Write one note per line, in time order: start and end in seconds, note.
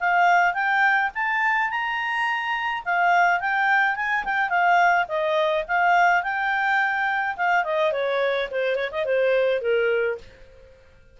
0.00 0.54 F5
0.54 1.11 G5
1.14 1.70 A5
1.70 2.84 A#5
2.85 3.40 F5
3.40 3.96 G5
3.96 4.24 G#5
4.25 4.49 G5
4.49 5.06 F5
5.08 5.65 D#5
5.68 6.23 F5
6.23 7.36 G5
7.37 7.64 F5
7.64 7.92 D#5
7.92 8.49 C#5
8.51 8.76 C5
8.76 8.90 C#5
8.92 9.05 D#5
9.05 9.61 C5
9.61 10.18 A#4